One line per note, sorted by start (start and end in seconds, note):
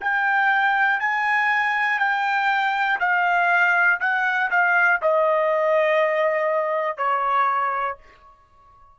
0.00 1.00 G5
1.00 1.99 G#5
1.99 2.99 G5
3.00 4.00 F5
4.00 4.50 F#5
4.50 5.00 F5
5.02 6.97 D#5
6.97 7.97 C#5